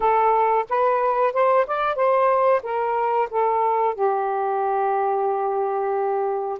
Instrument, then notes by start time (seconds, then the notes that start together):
saxophone
0.00 A4
0.69 B4
1.33 C5
1.66 D5
1.95 C5
2.62 A#4
3.30 A4
3.94 G4